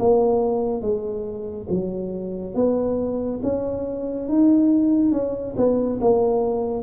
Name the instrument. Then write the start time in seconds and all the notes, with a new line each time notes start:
tuba
0.00 A#3
0.82 G#3
1.70 F#3
2.55 B3
3.43 C#4
4.29 D#4
5.12 C#4
5.57 B3
6.02 A#3